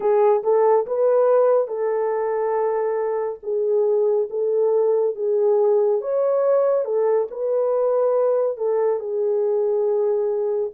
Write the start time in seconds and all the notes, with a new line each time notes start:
0.00 G#4
0.43 A4
0.86 B4
1.67 A4
3.42 G#4
4.30 A4
5.15 G#4
6.01 C#5
6.84 A4
7.31 B4
8.57 A4
8.99 G#4